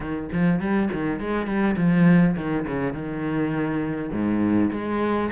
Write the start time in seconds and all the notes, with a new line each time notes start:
0.00 D#3
0.32 F3
0.59 G3
0.93 D#3
1.20 G#3
1.46 G3
1.76 F3
2.36 D#3
2.67 C#3
2.93 D#3
4.12 G#2
4.72 G#3